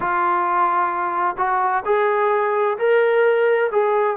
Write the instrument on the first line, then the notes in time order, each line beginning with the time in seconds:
trombone
0.00 F4
1.37 F#4
1.85 G#4
2.77 A#4
3.71 G#4